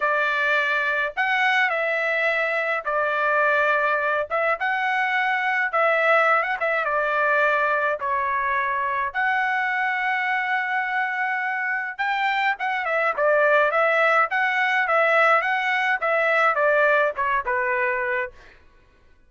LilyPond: \new Staff \with { instrumentName = "trumpet" } { \time 4/4 \tempo 4 = 105 d''2 fis''4 e''4~ | e''4 d''2~ d''8 e''8 | fis''2 e''4~ e''16 fis''16 e''8 | d''2 cis''2 |
fis''1~ | fis''4 g''4 fis''8 e''8 d''4 | e''4 fis''4 e''4 fis''4 | e''4 d''4 cis''8 b'4. | }